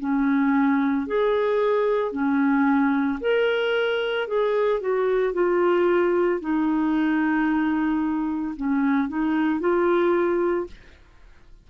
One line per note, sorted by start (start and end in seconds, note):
0.00 1.07 C#4
1.08 2.12 G#4
2.12 3.19 C#4
3.21 4.28 A#4
4.28 4.81 G#4
4.81 5.34 F#4
5.34 6.41 F4
6.41 8.55 D#4
8.57 9.09 C#4
9.09 9.60 D#4
9.60 10.68 F4